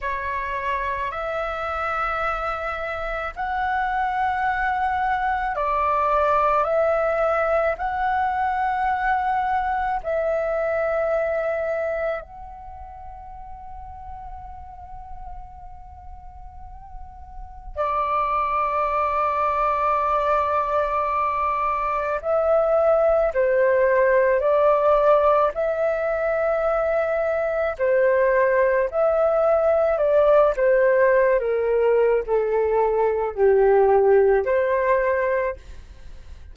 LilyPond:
\new Staff \with { instrumentName = "flute" } { \time 4/4 \tempo 4 = 54 cis''4 e''2 fis''4~ | fis''4 d''4 e''4 fis''4~ | fis''4 e''2 fis''4~ | fis''1 |
d''1 | e''4 c''4 d''4 e''4~ | e''4 c''4 e''4 d''8 c''8~ | c''16 ais'8. a'4 g'4 c''4 | }